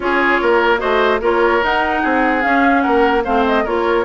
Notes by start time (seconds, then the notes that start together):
0.00 C#4 F4 G#4 C#5
0.41 A#3 A#4
0.78 A3 F#4 C5 D#5
1.20 A#3 F4 A#4 C#5
1.61 D#4 F#5
2.01 C4 G#4
2.41 C#4 F5
2.81 A#3 A#4 F#5
3.24 A3 C4 C5 F5
3.46 D#5
3.64 A#3 F4 A#4 C#5